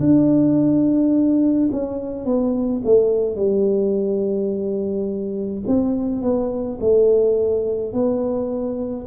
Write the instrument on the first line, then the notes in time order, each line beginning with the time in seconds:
tuba
0.00 D4
1.72 C#4
2.25 B3
2.85 A3
3.36 G3
5.67 C4
6.22 B3
6.81 A3
7.93 B3